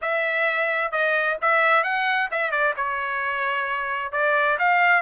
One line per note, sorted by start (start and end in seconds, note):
0.01 0.91 E5
0.91 1.37 D#5
1.41 1.83 E5
1.83 2.29 F#5
2.31 2.51 E5
2.51 2.74 D5
2.76 4.12 C#5
4.12 4.57 D5
4.59 5.02 F5